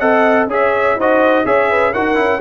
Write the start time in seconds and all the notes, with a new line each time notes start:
0.00 C4 A4 D#5 F#5
0.48 C#4 G#4 C#5 E5
0.96 D#4 F#4 C5 D#5
1.46 C#4 G#4 C#5 E5
1.70 B4
1.94 D#4 F#4 A#4 F#5
2.16 C#4 E4